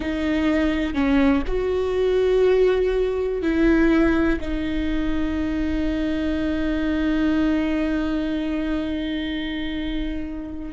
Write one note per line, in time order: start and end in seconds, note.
0.00 0.94 D#4
0.94 1.42 C#4
1.47 3.42 F#4
3.42 4.39 E4
4.40 10.73 D#4